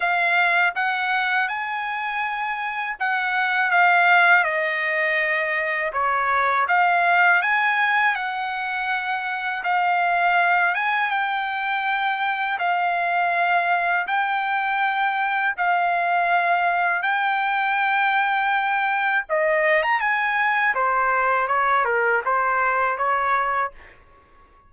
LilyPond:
\new Staff \with { instrumentName = "trumpet" } { \time 4/4 \tempo 4 = 81 f''4 fis''4 gis''2 | fis''4 f''4 dis''2 | cis''4 f''4 gis''4 fis''4~ | fis''4 f''4. gis''8 g''4~ |
g''4 f''2 g''4~ | g''4 f''2 g''4~ | g''2 dis''8. ais''16 gis''4 | c''4 cis''8 ais'8 c''4 cis''4 | }